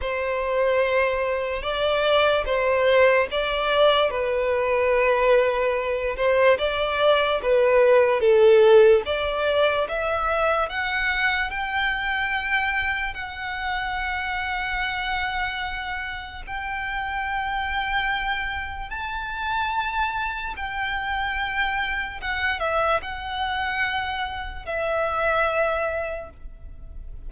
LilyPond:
\new Staff \with { instrumentName = "violin" } { \time 4/4 \tempo 4 = 73 c''2 d''4 c''4 | d''4 b'2~ b'8 c''8 | d''4 b'4 a'4 d''4 | e''4 fis''4 g''2 |
fis''1 | g''2. a''4~ | a''4 g''2 fis''8 e''8 | fis''2 e''2 | }